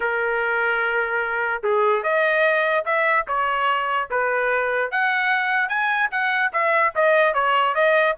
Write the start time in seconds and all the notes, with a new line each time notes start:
0.00 A#4
1.63 G#4
2.03 D#5
2.85 E5
3.27 C#5
4.10 B4
4.91 F#5
5.68 G#5
6.11 F#5
6.53 E5
6.95 D#5
7.34 C#5
7.75 D#5